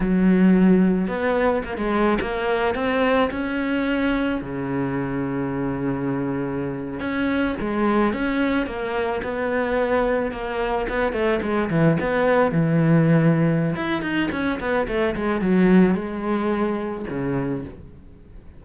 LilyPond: \new Staff \with { instrumentName = "cello" } { \time 4/4 \tempo 4 = 109 fis2 b4 ais16 gis8. | ais4 c'4 cis'2 | cis1~ | cis8. cis'4 gis4 cis'4 ais16~ |
ais8. b2 ais4 b16~ | b16 a8 gis8 e8 b4 e4~ e16~ | e4 e'8 dis'8 cis'8 b8 a8 gis8 | fis4 gis2 cis4 | }